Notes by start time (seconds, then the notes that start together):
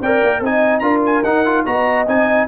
0.00 C4 A#4 D5 G5
0.23 A#3
0.40 C4 D#4 D#5 G#5
0.79 D4 F4 A#4 A#5
1.05 G#5
1.23 D#4 F#5
1.45 F4
1.65 B3 F#4 D#5 A#5
2.07 C4 D#4 G#5